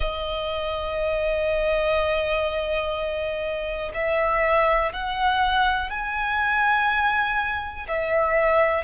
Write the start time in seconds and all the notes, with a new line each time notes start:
0.00 D#5
3.93 E5
4.92 F#5
5.90 G#5
7.87 E5